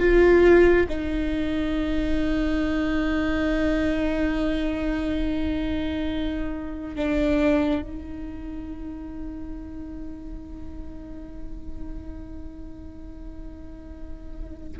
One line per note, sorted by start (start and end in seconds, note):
0.00 0.87 F4
0.89 6.96 D#4
6.96 7.82 D4
7.82 14.78 D#4